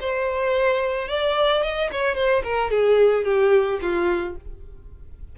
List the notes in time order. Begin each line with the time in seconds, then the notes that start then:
0.00 C5
1.08 D5
1.62 D#5
1.92 C#5
2.15 C5
2.43 A#4
2.70 G#4
3.24 G4
3.81 F4